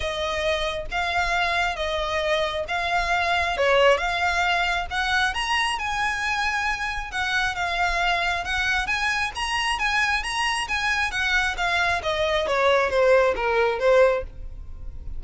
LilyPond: \new Staff \with { instrumentName = "violin" } { \time 4/4 \tempo 4 = 135 dis''2 f''2 | dis''2 f''2 | cis''4 f''2 fis''4 | ais''4 gis''2. |
fis''4 f''2 fis''4 | gis''4 ais''4 gis''4 ais''4 | gis''4 fis''4 f''4 dis''4 | cis''4 c''4 ais'4 c''4 | }